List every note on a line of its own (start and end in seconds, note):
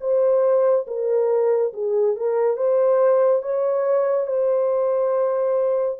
0.00 0.86 C5
0.87 1.73 A#4
1.73 2.16 G#4
2.16 2.57 A#4
2.57 3.42 C5
3.42 4.27 C#5
4.27 5.98 C5